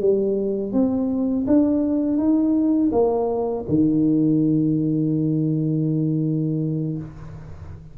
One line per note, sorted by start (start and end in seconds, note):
0.00 0.73 G3
0.73 1.46 C4
1.47 2.18 D4
2.18 2.91 D#4
2.92 3.65 A#3
3.69 6.98 D#3